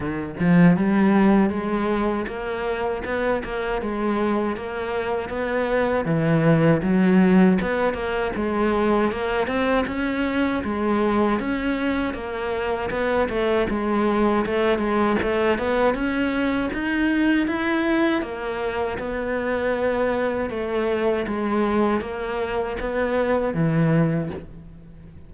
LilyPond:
\new Staff \with { instrumentName = "cello" } { \time 4/4 \tempo 4 = 79 dis8 f8 g4 gis4 ais4 | b8 ais8 gis4 ais4 b4 | e4 fis4 b8 ais8 gis4 | ais8 c'8 cis'4 gis4 cis'4 |
ais4 b8 a8 gis4 a8 gis8 | a8 b8 cis'4 dis'4 e'4 | ais4 b2 a4 | gis4 ais4 b4 e4 | }